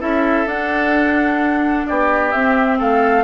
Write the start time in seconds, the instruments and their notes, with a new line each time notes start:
0.00 bassoon C#4, clarinet E4, oboe A4, flute E5
0.46 bassoon D4, clarinet D4, flute F#5
1.87 bassoon B3, oboe G4, flute D5
2.32 bassoon C4, clarinet C4, flute E5
2.79 bassoon A3, oboe A4, flute F5